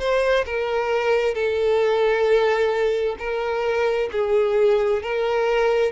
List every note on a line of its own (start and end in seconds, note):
0.00 0.45 C5
0.46 1.35 A#4
1.35 3.17 A4
3.19 4.10 A#4
4.12 5.03 G#4
5.03 5.92 A#4